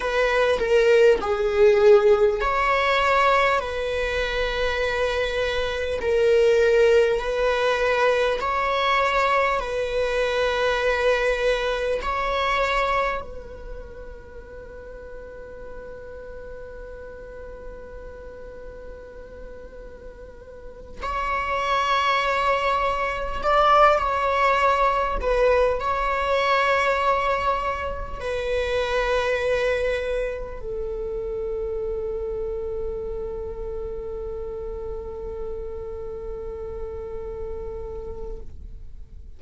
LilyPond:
\new Staff \with { instrumentName = "viola" } { \time 4/4 \tempo 4 = 50 b'8 ais'8 gis'4 cis''4 b'4~ | b'4 ais'4 b'4 cis''4 | b'2 cis''4 b'4~ | b'1~ |
b'4. cis''2 d''8 | cis''4 b'8 cis''2 b'8~ | b'4. a'2~ a'8~ | a'1 | }